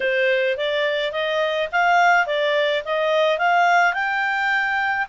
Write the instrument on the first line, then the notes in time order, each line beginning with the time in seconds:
clarinet
0.00 C5
0.57 D5
1.12 D#5
1.72 F5
2.26 D5
2.85 D#5
3.38 F5
3.93 G5